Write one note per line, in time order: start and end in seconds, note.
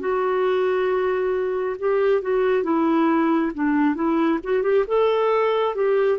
0.00 1.76 F#4
1.80 2.22 G4
2.22 2.64 F#4
2.64 3.52 E4
3.55 3.95 D4
3.95 4.40 E4
4.44 4.63 F#4
4.63 4.85 G4
4.88 5.76 A4
5.76 6.19 G4